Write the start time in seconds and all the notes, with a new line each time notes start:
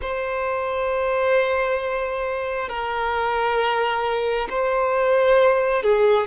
0.01 C5
2.69 A#4
4.49 C5
5.82 G#4